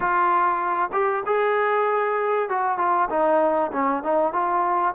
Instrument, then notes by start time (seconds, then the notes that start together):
trombone
0.00 F4
0.92 G4
1.26 G#4
2.49 F#4
2.78 F4
3.09 D#4
3.72 C#4
4.03 D#4
4.32 F4